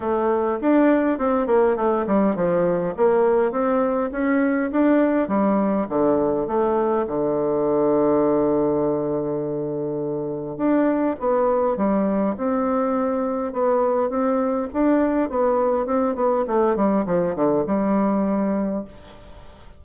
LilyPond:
\new Staff \with { instrumentName = "bassoon" } { \time 4/4 \tempo 4 = 102 a4 d'4 c'8 ais8 a8 g8 | f4 ais4 c'4 cis'4 | d'4 g4 d4 a4 | d1~ |
d2 d'4 b4 | g4 c'2 b4 | c'4 d'4 b4 c'8 b8 | a8 g8 f8 d8 g2 | }